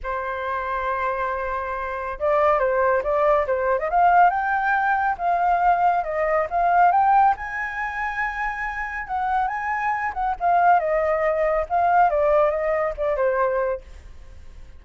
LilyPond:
\new Staff \with { instrumentName = "flute" } { \time 4/4 \tempo 4 = 139 c''1~ | c''4 d''4 c''4 d''4 | c''8. dis''16 f''4 g''2 | f''2 dis''4 f''4 |
g''4 gis''2.~ | gis''4 fis''4 gis''4. fis''8 | f''4 dis''2 f''4 | d''4 dis''4 d''8 c''4. | }